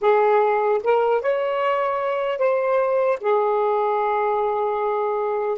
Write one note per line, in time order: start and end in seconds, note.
0.01 0.81 G#4
0.83 1.21 A#4
1.21 2.38 C#5
2.38 3.18 C5
3.20 5.58 G#4